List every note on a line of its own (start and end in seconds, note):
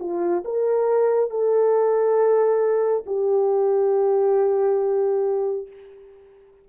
0.00 0.43 F4
0.44 1.30 A#4
1.30 3.04 A4
3.06 5.67 G4